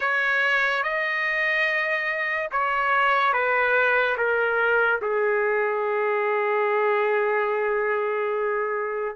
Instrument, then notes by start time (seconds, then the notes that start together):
trumpet
0.00 C#5
0.83 D#5
2.51 C#5
3.33 B4
4.17 A#4
5.01 G#4